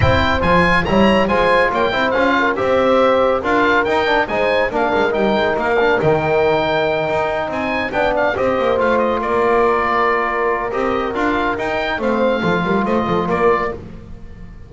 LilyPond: <<
  \new Staff \with { instrumentName = "oboe" } { \time 4/4 \tempo 4 = 140 g''4 gis''4 ais''4 gis''4 | g''4 f''4 e''2 | f''4 g''4 gis''4 f''4 | g''4 f''4 g''2~ |
g''4. gis''4 g''8 f''8 dis''8~ | dis''8 f''8 dis''8 d''2~ d''8~ | d''4 dis''4 f''4 g''4 | f''2 dis''4 d''4 | }
  \new Staff \with { instrumentName = "horn" } { \time 4/4 c''2 cis''4 c''4 | cis''8 c''4 ais'8 c''2 | ais'2 c''4 ais'4~ | ais'1~ |
ais'4. c''4 d''4 c''8~ | c''4. ais'2~ ais'8~ | ais'1 | c''4 a'8 ais'8 c''8 a'8 ais'4 | }
  \new Staff \with { instrumentName = "trombone" } { \time 4/4 e'4 f'4 e'4 f'4~ | f'8 e'8 f'4 g'2 | f'4 dis'8 d'8 dis'4 d'4 | dis'4. d'8 dis'2~ |
dis'2~ dis'8 d'4 g'8~ | g'8 f'2.~ f'8~ | f'4 g'4 f'4 dis'4 | c'4 f'2. | }
  \new Staff \with { instrumentName = "double bass" } { \time 4/4 c'4 f4 g4 gis4 | ais8 c'8 cis'4 c'2 | d'4 dis'4 gis4 ais8 gis8 | g8 gis8 ais4 dis2~ |
dis8 dis'4 c'4 b4 c'8 | ais8 a4 ais2~ ais8~ | ais4 c'4 d'4 dis'4 | a4 f8 g8 a8 f8 ais4 | }
>>